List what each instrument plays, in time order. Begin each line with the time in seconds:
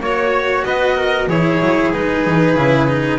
0.00 double bass A#3, cello F#4, trumpet C#5, violin C#5
0.64 double bass B3, trumpet B4, violin D#5
0.96 trumpet A#4
1.28 double bass E3, cello E4, trumpet G#4, violin C#5
1.60 double bass F#3
1.92 double bass G#3, cello D#4, violin B4
2.25 double bass E3
2.56 double bass C#3, cello E4
2.88 cello D#4